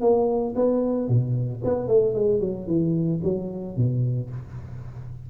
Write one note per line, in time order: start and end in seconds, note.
0.00 0.54 A#3
0.55 1.08 B3
1.08 1.62 B2
1.64 1.87 B3
1.87 2.14 A3
2.14 2.40 G#3
2.40 2.67 F#3
2.67 3.20 E3
3.24 3.76 F#3
3.76 4.30 B2